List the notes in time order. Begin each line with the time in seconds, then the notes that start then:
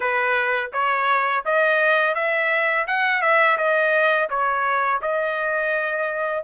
0.00 B4
0.72 C#5
1.45 D#5
2.14 E5
2.87 F#5
3.21 E5
3.57 D#5
4.29 C#5
5.01 D#5